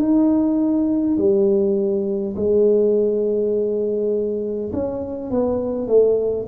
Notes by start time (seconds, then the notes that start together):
0.00 D#4
1.18 G3
2.36 G#3
4.74 C#4
5.31 B3
5.88 A3